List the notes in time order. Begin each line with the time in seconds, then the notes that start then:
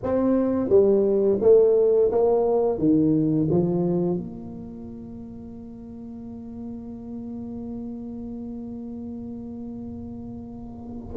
0.03 C4
0.69 G3
1.41 A3
2.11 A#3
2.78 D#3
3.50 F3
4.17 A#3